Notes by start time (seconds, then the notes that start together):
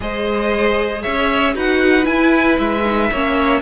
0.00 G#3 G#4 C5 D#5
1.02 C#4 C#5 E5
1.54 D#4 F#4 B4 F#5
2.03 E4 G#5
2.58 G#3 E5
2.84 D#4
3.11 A#3 C#4 C#5